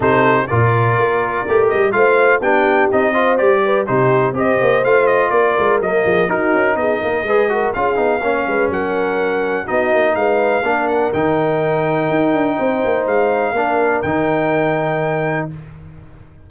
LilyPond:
<<
  \new Staff \with { instrumentName = "trumpet" } { \time 4/4 \tempo 4 = 124 c''4 d''2~ d''8 dis''8 | f''4 g''4 dis''4 d''4 | c''4 dis''4 f''8 dis''8 d''4 | dis''4 ais'4 dis''2 |
f''2 fis''2 | dis''4 f''4. fis''8 g''4~ | g''2. f''4~ | f''4 g''2. | }
  \new Staff \with { instrumentName = "horn" } { \time 4/4 a'4 ais'2. | c''4 g'4. c''4 b'8 | g'4 c''2 ais'4~ | ais'8 gis'8 fis'4 gis'8 ais'8 b'8 ais'8 |
gis'4 cis''8 b'8 ais'2 | fis'4 b'4 ais'2~ | ais'2 c''2 | ais'1 | }
  \new Staff \with { instrumentName = "trombone" } { \time 4/4 dis'4 f'2 g'4 | f'4 d'4 dis'8 f'8 g'4 | dis'4 g'4 f'2 | ais4 dis'2 gis'8 fis'8 |
f'8 dis'8 cis'2. | dis'2 d'4 dis'4~ | dis'1 | d'4 dis'2. | }
  \new Staff \with { instrumentName = "tuba" } { \time 4/4 c4 ais,4 ais4 a8 g8 | a4 b4 c'4 g4 | c4 c'8 ais8 a4 ais8 gis8 | fis8 f8 dis'8 cis'8 b8 ais8 gis4 |
cis'8 b8 ais8 gis8 fis2 | b8 ais8 gis4 ais4 dis4~ | dis4 dis'8 d'8 c'8 ais8 gis4 | ais4 dis2. | }
>>